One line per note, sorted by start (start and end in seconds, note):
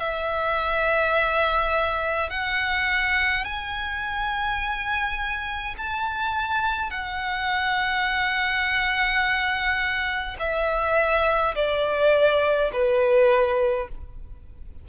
0.00 2.30 E5
2.30 3.45 F#5
3.45 5.75 G#5
5.78 6.91 A5
6.91 10.37 F#5
10.40 11.55 E5
11.56 12.71 D5
12.73 13.89 B4